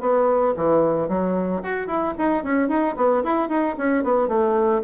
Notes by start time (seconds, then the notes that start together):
0.00 B3
0.56 E3
1.08 F#3
1.62 F#4
1.87 E4
2.18 D#4
2.43 C#4
2.68 D#4
2.96 B3
3.23 E4
3.48 D#4
3.77 C#4
4.03 B3
4.28 A3